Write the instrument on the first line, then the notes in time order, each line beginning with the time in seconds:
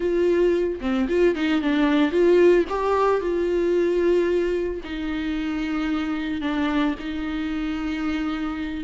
viola
0.00 F4
0.80 C4
1.08 F4
1.35 D#4
1.61 D4
2.11 F4
2.69 G4
3.20 F4
4.84 D#4
6.41 D4
6.99 D#4